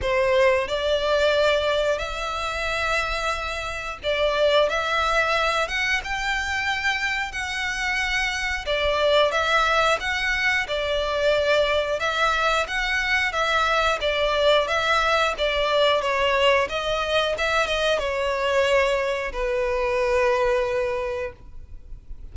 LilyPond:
\new Staff \with { instrumentName = "violin" } { \time 4/4 \tempo 4 = 90 c''4 d''2 e''4~ | e''2 d''4 e''4~ | e''8 fis''8 g''2 fis''4~ | fis''4 d''4 e''4 fis''4 |
d''2 e''4 fis''4 | e''4 d''4 e''4 d''4 | cis''4 dis''4 e''8 dis''8 cis''4~ | cis''4 b'2. | }